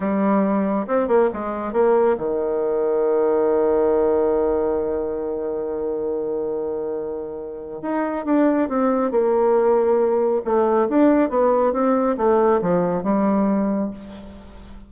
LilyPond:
\new Staff \with { instrumentName = "bassoon" } { \time 4/4 \tempo 4 = 138 g2 c'8 ais8 gis4 | ais4 dis2.~ | dis1~ | dis1~ |
dis2 dis'4 d'4 | c'4 ais2. | a4 d'4 b4 c'4 | a4 f4 g2 | }